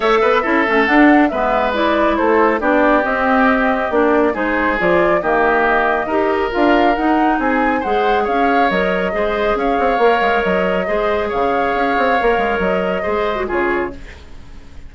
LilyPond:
<<
  \new Staff \with { instrumentName = "flute" } { \time 4/4 \tempo 4 = 138 e''2 fis''4 e''4 | d''4 c''4 d''4 dis''4~ | dis''4 d''4 c''4 d''4 | dis''2. f''4 |
fis''4 gis''4 fis''4 f''4 | dis''2 f''2 | dis''2 f''2~ | f''4 dis''2 cis''4 | }
  \new Staff \with { instrumentName = "oboe" } { \time 4/4 cis''8 b'8 a'2 b'4~ | b'4 a'4 g'2~ | g'2 gis'2 | g'2 ais'2~ |
ais'4 gis'4 c''4 cis''4~ | cis''4 c''4 cis''2~ | cis''4 c''4 cis''2~ | cis''2 c''4 gis'4 | }
  \new Staff \with { instrumentName = "clarinet" } { \time 4/4 a'4 e'8 cis'8 d'4 b4 | e'2 d'4 c'4~ | c'4 d'4 dis'4 f'4 | ais2 g'4 f'4 |
dis'2 gis'2 | ais'4 gis'2 ais'4~ | ais'4 gis'2. | ais'2 gis'8. fis'16 f'4 | }
  \new Staff \with { instrumentName = "bassoon" } { \time 4/4 a8 b8 cis'8 a8 d'4 gis4~ | gis4 a4 b4 c'4~ | c'4 ais4 gis4 f4 | dis2 dis'4 d'4 |
dis'4 c'4 gis4 cis'4 | fis4 gis4 cis'8 c'8 ais8 gis8 | fis4 gis4 cis4 cis'8 c'8 | ais8 gis8 fis4 gis4 cis4 | }
>>